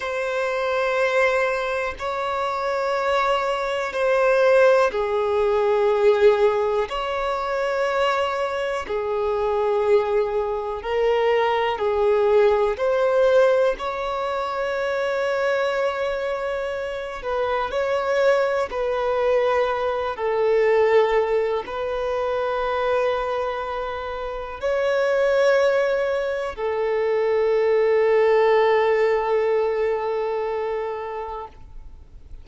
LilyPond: \new Staff \with { instrumentName = "violin" } { \time 4/4 \tempo 4 = 61 c''2 cis''2 | c''4 gis'2 cis''4~ | cis''4 gis'2 ais'4 | gis'4 c''4 cis''2~ |
cis''4. b'8 cis''4 b'4~ | b'8 a'4. b'2~ | b'4 cis''2 a'4~ | a'1 | }